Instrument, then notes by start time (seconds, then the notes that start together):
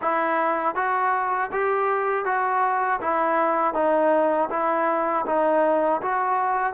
trombone
0.01 E4
0.75 F#4
1.51 G4
2.25 F#4
3.00 E4
3.74 D#4
4.50 E4
5.26 D#4
6.01 F#4